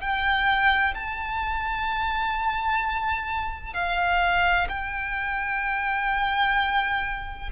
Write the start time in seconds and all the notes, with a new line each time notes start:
0.00 G5
0.94 A5
3.74 F5
4.69 G5